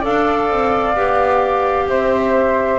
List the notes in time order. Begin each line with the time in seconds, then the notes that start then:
0.00 D4 A4 D5 F5
0.50 C4
0.95 B3 G4
1.87 C4 C5 E5